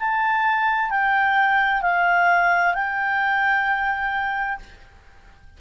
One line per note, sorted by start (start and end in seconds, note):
0.00 0.90 A5
0.90 1.82 G5
1.82 2.74 F5
2.74 4.59 G5